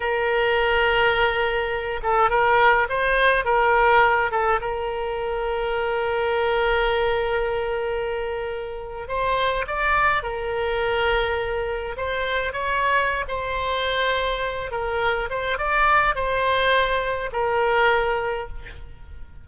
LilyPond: \new Staff \with { instrumentName = "oboe" } { \time 4/4 \tempo 4 = 104 ais'2.~ ais'8 a'8 | ais'4 c''4 ais'4. a'8 | ais'1~ | ais'2.~ ais'8. c''16~ |
c''8. d''4 ais'2~ ais'16~ | ais'8. c''4 cis''4~ cis''16 c''4~ | c''4. ais'4 c''8 d''4 | c''2 ais'2 | }